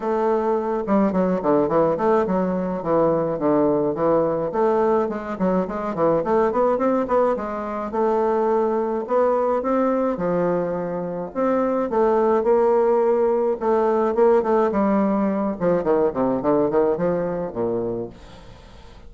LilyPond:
\new Staff \with { instrumentName = "bassoon" } { \time 4/4 \tempo 4 = 106 a4. g8 fis8 d8 e8 a8 | fis4 e4 d4 e4 | a4 gis8 fis8 gis8 e8 a8 b8 | c'8 b8 gis4 a2 |
b4 c'4 f2 | c'4 a4 ais2 | a4 ais8 a8 g4. f8 | dis8 c8 d8 dis8 f4 ais,4 | }